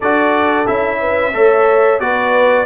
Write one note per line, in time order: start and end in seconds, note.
0.00 0.68 D4
0.00 0.66 F#4
0.00 1.00 A4
0.00 0.67 D5
0.66 1.33 C#4
0.66 1.32 E4
0.66 1.99 E5
1.00 1.33 B4
1.33 1.99 A3
1.33 2.00 A4
1.33 2.01 C#5
1.99 2.65 B3
1.99 2.65 F#4
1.99 2.65 B4
1.99 2.65 D5